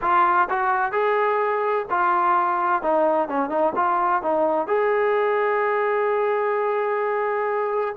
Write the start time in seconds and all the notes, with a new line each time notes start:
0.01 F4
0.49 F#4
0.92 G#4
1.89 F4
2.82 D#4
3.28 C#4
3.49 D#4
3.75 F4
4.22 D#4
4.67 G#4